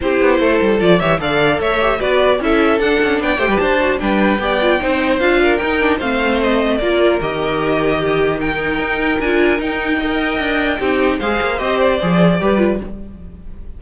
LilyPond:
<<
  \new Staff \with { instrumentName = "violin" } { \time 4/4 \tempo 4 = 150 c''2 d''8 e''8 f''4 | e''4 d''4 e''4 fis''4 | g''4 a''4 g''2~ | g''4 f''4 g''4 f''4 |
dis''4 d''4 dis''2~ | dis''4 g''2 gis''4 | g''1 | f''4 dis''8 d''2~ d''8 | }
  \new Staff \with { instrumentName = "violin" } { \time 4/4 g'4 a'4. cis''8 d''4 | cis''4 b'4 a'2 | d''8 c''16 b'16 c''4 b'4 d''4 | c''4. ais'4. c''4~ |
c''4 ais'2. | g'4 ais'2.~ | ais'4 dis''2 g'4 | c''2. b'4 | }
  \new Staff \with { instrumentName = "viola" } { \time 4/4 e'2 f'8 g'8 a'4~ | a'8 g'8 fis'4 e'4 d'4~ | d'8 g'4 fis'8 d'4 g'8 f'8 | dis'4 f'4 dis'8 d'8 c'4~ |
c'4 f'4 g'2~ | g'4 dis'2 f'4 | dis'4 ais'2 dis'4 | gis'4 g'4 gis'4 g'8 f'8 | }
  \new Staff \with { instrumentName = "cello" } { \time 4/4 c'8 b8 a8 g8 f8 e8 d4 | a4 b4 cis'4 d'8 cis'8 | b8 a16 g16 d'4 g4 b4 | c'4 d'4 dis'4 a4~ |
a4 ais4 dis2~ | dis2 dis'4 d'4 | dis'2 d'4 c'4 | gis8 ais8 c'4 f4 g4 | }
>>